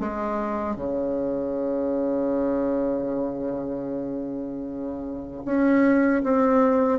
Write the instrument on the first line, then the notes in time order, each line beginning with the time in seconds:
bassoon
0.00 G#3
0.75 C#3
5.45 C#4
6.23 C4